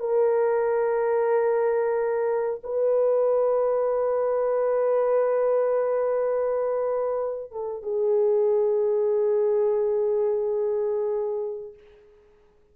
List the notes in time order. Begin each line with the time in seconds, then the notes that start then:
0.00 A#4
2.63 B4
7.52 A4
7.83 G#4